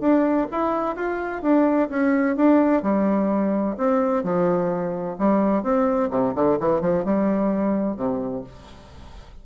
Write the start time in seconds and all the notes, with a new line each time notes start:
0.00 D4
0.51 E4
0.96 F4
1.42 D4
1.89 C#4
2.36 D4
2.82 G3
3.77 C4
4.23 F3
5.19 G3
5.63 C4
6.10 C3
6.35 D3
6.60 E3
6.81 F3
7.05 G3
7.96 C3